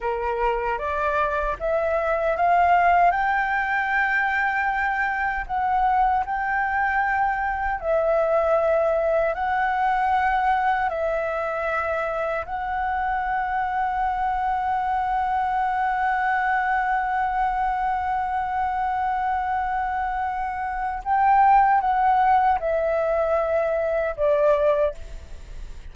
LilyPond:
\new Staff \with { instrumentName = "flute" } { \time 4/4 \tempo 4 = 77 ais'4 d''4 e''4 f''4 | g''2. fis''4 | g''2 e''2 | fis''2 e''2 |
fis''1~ | fis''1~ | fis''2. g''4 | fis''4 e''2 d''4 | }